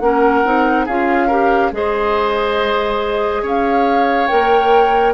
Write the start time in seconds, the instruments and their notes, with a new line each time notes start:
0.00 bassoon A#3, clarinet C#4, oboe A#4, flute F#5
0.45 bassoon C4, clarinet D#4
0.86 bassoon C#4, clarinet F4, oboe G#4, flute F5
1.27 clarinet G4, oboe A#4
1.72 bassoon G#3, clarinet G#4, oboe C5, flute D#5
3.42 bassoon C#4, oboe C#5, flute F5
4.27 bassoon A#3, clarinet A#4, flute G5